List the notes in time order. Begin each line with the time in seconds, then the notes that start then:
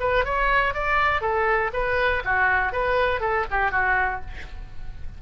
0.00 B4
0.25 C#5
0.74 D5
1.21 A4
1.73 B4
2.25 F#4
2.72 B4
3.20 A4
3.51 G4
3.71 F#4